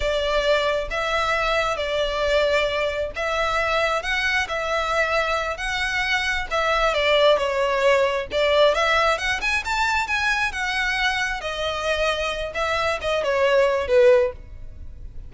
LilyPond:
\new Staff \with { instrumentName = "violin" } { \time 4/4 \tempo 4 = 134 d''2 e''2 | d''2. e''4~ | e''4 fis''4 e''2~ | e''8 fis''2 e''4 d''8~ |
d''8 cis''2 d''4 e''8~ | e''8 fis''8 gis''8 a''4 gis''4 fis''8~ | fis''4. dis''2~ dis''8 | e''4 dis''8 cis''4. b'4 | }